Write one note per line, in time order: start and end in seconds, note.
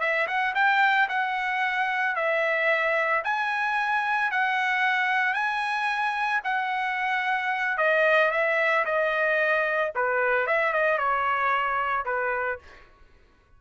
0.00 0.27 E5
0.27 0.54 F#5
0.55 1.08 G5
1.08 2.15 F#5
2.15 3.22 E5
3.24 4.31 G#5
4.31 5.33 F#5
5.33 6.40 G#5
6.44 7.78 F#5
7.78 8.31 D#5
8.31 8.84 E5
8.85 9.92 D#5
9.95 10.47 B4
10.47 10.73 E5
10.73 10.98 D#5
10.98 12.05 C#5
12.05 12.59 B4